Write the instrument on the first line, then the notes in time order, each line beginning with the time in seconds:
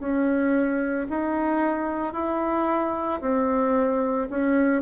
bassoon
0.00 C#4
1.10 D#4
2.14 E4
3.21 C4
4.31 C#4